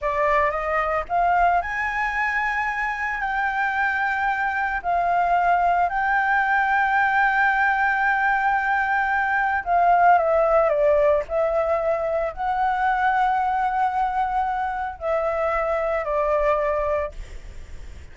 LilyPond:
\new Staff \with { instrumentName = "flute" } { \time 4/4 \tempo 4 = 112 d''4 dis''4 f''4 gis''4~ | gis''2 g''2~ | g''4 f''2 g''4~ | g''1~ |
g''2 f''4 e''4 | d''4 e''2 fis''4~ | fis''1 | e''2 d''2 | }